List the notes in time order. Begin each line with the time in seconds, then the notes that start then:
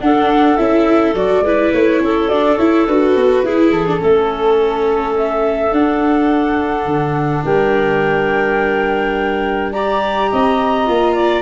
0.00 D4 A4 F#5
0.57 C#4 E4 E5
1.14 F#3 F#4 D5
1.40 G#3 E4 B4
1.73 A3 C#5
2.00 C#4 A4
2.28 D4 F#4 D5
2.57 E4 C#5
2.87 D4 F#4 B4
3.16 B3
3.43 E4 G#4
3.70 E3 A4
3.87 D4
3.99 A3 C#4 A4
5.16 E5
5.72 D4 F#5
6.86 D3
7.44 G3 A#4 G5
9.72 G4 D5 A#5
10.32 C4 D#5
10.86 A#3 F4
11.15 D5